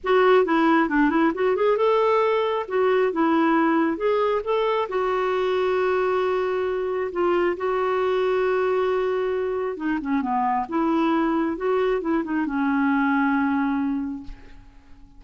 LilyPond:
\new Staff \with { instrumentName = "clarinet" } { \time 4/4 \tempo 4 = 135 fis'4 e'4 d'8 e'8 fis'8 gis'8 | a'2 fis'4 e'4~ | e'4 gis'4 a'4 fis'4~ | fis'1 |
f'4 fis'2.~ | fis'2 dis'8 cis'8 b4 | e'2 fis'4 e'8 dis'8 | cis'1 | }